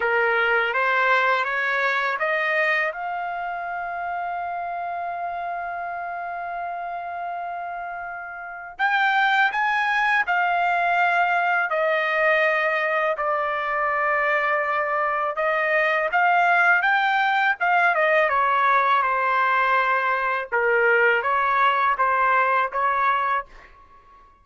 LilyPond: \new Staff \with { instrumentName = "trumpet" } { \time 4/4 \tempo 4 = 82 ais'4 c''4 cis''4 dis''4 | f''1~ | f''1 | g''4 gis''4 f''2 |
dis''2 d''2~ | d''4 dis''4 f''4 g''4 | f''8 dis''8 cis''4 c''2 | ais'4 cis''4 c''4 cis''4 | }